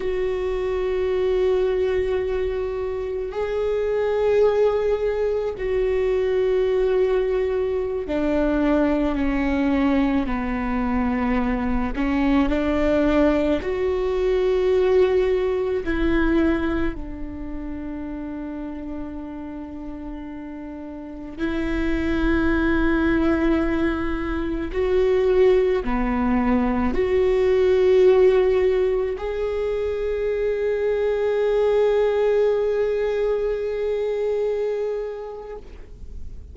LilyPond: \new Staff \with { instrumentName = "viola" } { \time 4/4 \tempo 4 = 54 fis'2. gis'4~ | gis'4 fis'2~ fis'16 d'8.~ | d'16 cis'4 b4. cis'8 d'8.~ | d'16 fis'2 e'4 d'8.~ |
d'2.~ d'16 e'8.~ | e'2~ e'16 fis'4 b8.~ | b16 fis'2 gis'4.~ gis'16~ | gis'1 | }